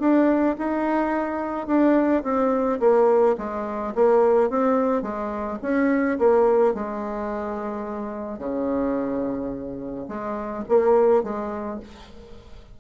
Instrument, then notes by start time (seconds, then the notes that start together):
bassoon
0.00 D4
0.58 D#4
1.67 D4
2.24 C4
2.80 A#3
3.38 G#3
3.96 A#3
4.50 C4
5.03 G#3
5.62 C#4
6.19 A#3
6.74 G#3
8.39 C#3
10.09 G#3
10.69 A#3
11.24 G#3